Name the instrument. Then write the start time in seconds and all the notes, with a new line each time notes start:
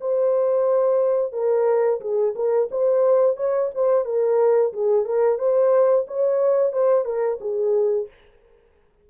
horn
0.00 C5
1.32 A#4
2.00 G#4
2.35 A#4
2.71 C5
3.36 C#5
3.74 C5
4.05 A#4
4.73 G#4
5.05 A#4
5.38 C5
6.07 C#5
6.72 C5
7.04 A#4
7.40 G#4